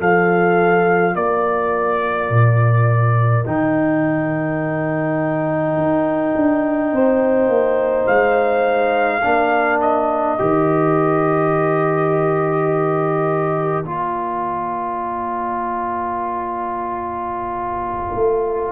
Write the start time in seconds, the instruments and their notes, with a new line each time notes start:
0.00 tuba F3, trombone F4, horn A4, trumpet F5
1.15 tuba A#3, horn A#4, trumpet D5
2.30 tuba A#2
3.44 tuba D#3, trombone D#4, trumpet G5
5.77 tuba D#4
6.36 tuba D4
6.92 tuba C4, horn C5
7.49 tuba A#3
8.07 tuba G#3, trumpet F5
9.23 tuba A#3, trombone D4, horn A#4
9.81 trumpet D#5
10.38 tuba D#3, trombone G4
13.84 tuba A#3, trombone F4, trumpet D5
18.14 tuba A3